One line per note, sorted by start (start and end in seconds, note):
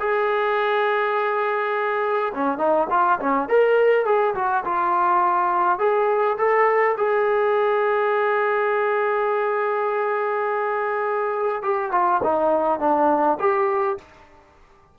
0.00 2.33 G#4
2.34 2.58 C#4
2.58 2.87 D#4
2.90 3.20 F4
3.20 3.49 C#4
3.49 4.06 A#4
4.06 4.35 G#4
4.35 4.64 F#4
4.65 5.79 F4
5.79 6.37 G#4
6.38 6.96 A4
6.97 11.63 G#4
11.63 11.92 G4
11.92 12.21 F4
12.23 12.80 D#4
12.80 13.38 D4
13.40 13.98 G4